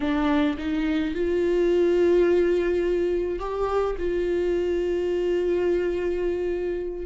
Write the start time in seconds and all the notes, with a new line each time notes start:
0.00 D4
0.58 D#4
1.14 F4
3.39 G4
3.98 F4